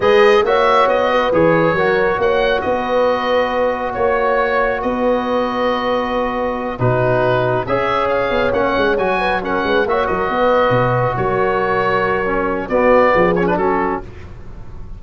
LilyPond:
<<
  \new Staff \with { instrumentName = "oboe" } { \time 4/4 \tempo 4 = 137 dis''4 e''4 dis''4 cis''4~ | cis''4 fis''4 dis''2~ | dis''4 cis''2 dis''4~ | dis''2.~ dis''8 b'8~ |
b'4. e''4 f''4 fis''8~ | fis''8 gis''4 fis''4 e''8 dis''4~ | dis''4. cis''2~ cis''8~ | cis''4 d''4. cis''16 b'16 a'4 | }
  \new Staff \with { instrumentName = "horn" } { \time 4/4 b'4 cis''4. b'4. | ais'4 cis''4 b'2~ | b'4 cis''2 b'4~ | b'2.~ b'8 fis'8~ |
fis'4. cis''2~ cis''8~ | cis''4 b'8 ais'8 b'8 cis''8 ais'8 b'8~ | b'4. ais'2~ ais'8~ | ais'4 fis'4 gis'4 fis'4 | }
  \new Staff \with { instrumentName = "trombone" } { \time 4/4 gis'4 fis'2 gis'4 | fis'1~ | fis'1~ | fis'2.~ fis'8 dis'8~ |
dis'4. gis'2 cis'8~ | cis'8 fis'4 cis'4 fis'4.~ | fis'1 | cis'4 b4. cis'16 d'16 cis'4 | }
  \new Staff \with { instrumentName = "tuba" } { \time 4/4 gis4 ais4 b4 e4 | fis4 ais4 b2~ | b4 ais2 b4~ | b2.~ b8 b,8~ |
b,4. cis'4. b8 ais8 | gis8 fis4. gis8 ais8 fis8 b8~ | b8 b,4 fis2~ fis8~ | fis4 b4 f4 fis4 | }
>>